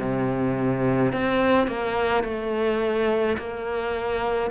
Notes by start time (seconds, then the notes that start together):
0.00 C3
1.13 C4
1.68 A#3
2.24 A3
3.38 A#3